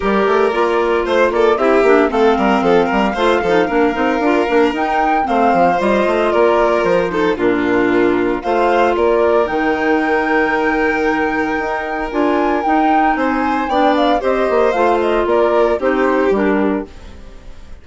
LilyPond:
<<
  \new Staff \with { instrumentName = "flute" } { \time 4/4 \tempo 4 = 114 d''2 c''8 d''8 e''4 | f''1~ | f''4 g''4 f''4 dis''4 | d''4 c''4 ais'2 |
f''4 d''4 g''2~ | g''2. gis''4 | g''4 gis''4 g''8 f''8 dis''4 | f''8 dis''8 d''4 c''4 ais'4 | }
  \new Staff \with { instrumentName = "violin" } { \time 4/4 ais'2 c''8 a'8 g'4 | a'8 ais'8 a'8 ais'8 c''8 a'8 ais'4~ | ais'2 c''2 | ais'4. a'8 f'2 |
c''4 ais'2.~ | ais'1~ | ais'4 c''4 d''4 c''4~ | c''4 ais'4 g'2 | }
  \new Staff \with { instrumentName = "clarinet" } { \time 4/4 g'4 f'2 e'8 d'8 | c'2 f'8 dis'8 d'8 dis'8 | f'8 d'8 dis'4 c'4 f'4~ | f'4. dis'8 d'2 |
f'2 dis'2~ | dis'2. f'4 | dis'2 d'4 g'4 | f'2 dis'4 d'4 | }
  \new Staff \with { instrumentName = "bassoon" } { \time 4/4 g8 a8 ais4 a8 ais8 c'8 ais8 | a8 g8 f8 g8 a8 f8 ais8 c'8 | d'8 ais8 dis'4 a8 f8 g8 a8 | ais4 f4 ais,2 |
a4 ais4 dis2~ | dis2 dis'4 d'4 | dis'4 c'4 b4 c'8 ais8 | a4 ais4 c'4 g4 | }
>>